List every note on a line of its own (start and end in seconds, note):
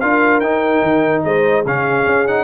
0.00 0.41 D4
0.00 0.43 F4
0.00 1.25 A#4
0.00 0.40 F5
0.40 0.82 D#4
0.40 1.65 D#4
0.40 1.22 G5
0.82 1.23 D#3
1.24 1.65 G#3
1.24 1.64 C5
1.24 1.65 D#5
1.64 2.06 C#3
1.64 2.27 C#4
1.64 2.44 G#4
1.64 2.27 F5
2.06 2.44 C#4
2.27 2.44 D#4
2.27 2.44 F#5